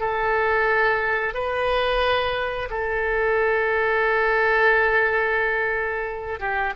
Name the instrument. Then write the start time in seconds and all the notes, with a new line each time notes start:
oboe
0.00 A4
1.34 B4
2.70 A4
6.39 G4